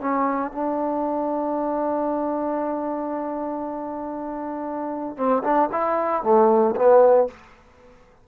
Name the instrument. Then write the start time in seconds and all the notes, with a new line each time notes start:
trombone
0.00 C#4
0.51 D4
5.17 C4
5.43 D4
5.71 E4
6.23 A3
6.75 B3